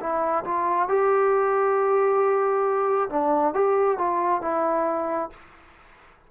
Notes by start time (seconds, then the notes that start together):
0.00 E4
0.44 F4
0.89 G4
3.10 D4
3.54 G4
3.98 F4
4.42 E4